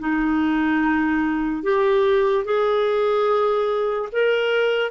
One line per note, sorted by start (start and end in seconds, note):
0.00 1.63 D#4
1.63 2.45 G4
2.45 4.09 G#4
4.13 4.91 A#4